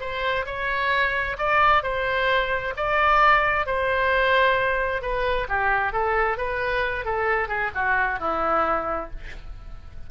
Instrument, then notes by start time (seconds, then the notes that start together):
oboe
0.00 C5
0.46 C#5
1.38 D5
1.83 C5
2.76 D5
3.66 C5
5.02 B4
5.49 G4
5.93 A4
6.37 B4
7.05 A4
7.48 G#4
7.75 F#4
8.19 E4